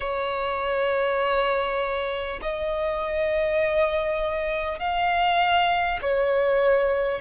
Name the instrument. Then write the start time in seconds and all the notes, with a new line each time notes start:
violin
0.00 C#5
2.42 D#5
4.79 F5
6.02 C#5